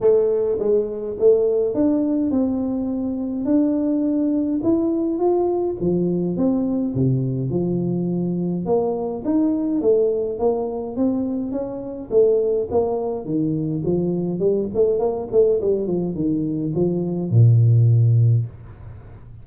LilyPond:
\new Staff \with { instrumentName = "tuba" } { \time 4/4 \tempo 4 = 104 a4 gis4 a4 d'4 | c'2 d'2 | e'4 f'4 f4 c'4 | c4 f2 ais4 |
dis'4 a4 ais4 c'4 | cis'4 a4 ais4 dis4 | f4 g8 a8 ais8 a8 g8 f8 | dis4 f4 ais,2 | }